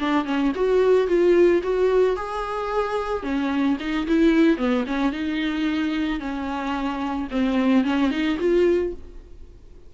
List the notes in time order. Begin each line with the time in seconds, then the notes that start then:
0.00 D4
0.26 C#4
0.56 F#4
1.08 F4
1.63 F#4
2.17 G#4
3.24 C#4
3.80 D#4
4.08 E4
4.58 B3
4.87 C#4
5.13 D#4
6.20 C#4
7.31 C4
7.85 C#4
8.11 D#4
8.40 F4